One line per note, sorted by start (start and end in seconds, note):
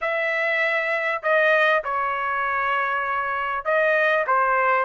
0.01 1.22 E5
1.22 1.83 D#5
1.83 3.64 C#5
3.64 4.25 D#5
4.26 4.85 C5